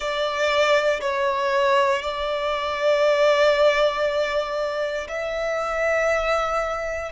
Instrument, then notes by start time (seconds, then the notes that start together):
violin
0.00 D5
1.00 C#5
2.02 D5
5.08 E5